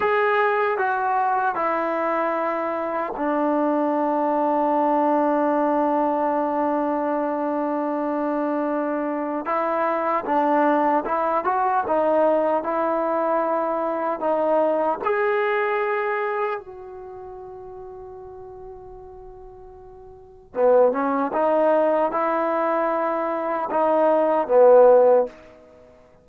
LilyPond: \new Staff \with { instrumentName = "trombone" } { \time 4/4 \tempo 4 = 76 gis'4 fis'4 e'2 | d'1~ | d'1 | e'4 d'4 e'8 fis'8 dis'4 |
e'2 dis'4 gis'4~ | gis'4 fis'2.~ | fis'2 b8 cis'8 dis'4 | e'2 dis'4 b4 | }